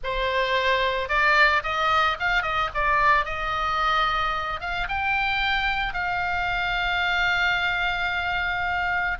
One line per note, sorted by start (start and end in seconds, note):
0.03 1.08 C5
1.08 1.62 D5
1.63 2.17 D#5
2.19 2.42 F5
2.42 2.69 D#5
2.74 3.25 D5
3.25 4.60 D#5
4.60 4.87 F5
4.88 5.93 G5
5.93 9.18 F5